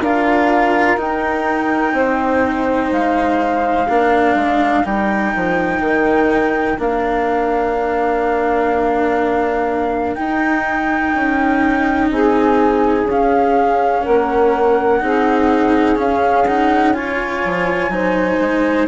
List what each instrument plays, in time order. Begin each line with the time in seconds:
0.00 bassoon D4, cello F4, saxophone A#4, flute F5
0.97 bassoon D#4, cello D#4, flute G5
1.93 bassoon C4, saxophone C5
2.92 bassoon G#3, flute F5
3.89 bassoon A#3, cello D4, saxophone A#4
4.35 bassoon G#3
4.84 bassoon G3, cello D#4, flute G5
5.35 bassoon F3
5.80 bassoon D#3
6.78 bassoon A#3, cello D4, flute F5
10.15 cello D#4, bassoon D#4, flute G5
11.15 bassoon C#4
12.10 bassoon C4, saxophone G#4, flute G#5
13.04 bassoon C#4, cello C#4, flute F5
14.03 bassoon A#3, saxophone A#4, flute F#5
15.00 bassoon C4, cello D#4, saxophone G#4
15.96 cello C#4, bassoon C#4, flute F5
16.46 cello D#4, flute F#5
16.93 cello F4, saxophone C#5, flute G#5
17.45 bassoon F3
17.89 bassoon F#3, cello D#4, saxophone C5
18.39 bassoon G#3